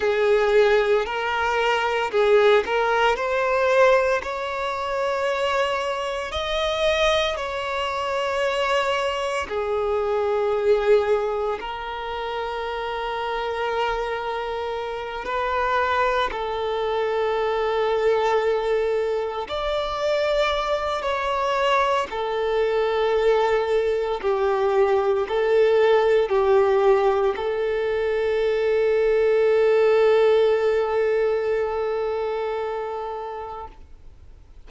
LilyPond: \new Staff \with { instrumentName = "violin" } { \time 4/4 \tempo 4 = 57 gis'4 ais'4 gis'8 ais'8 c''4 | cis''2 dis''4 cis''4~ | cis''4 gis'2 ais'4~ | ais'2~ ais'8 b'4 a'8~ |
a'2~ a'8 d''4. | cis''4 a'2 g'4 | a'4 g'4 a'2~ | a'1 | }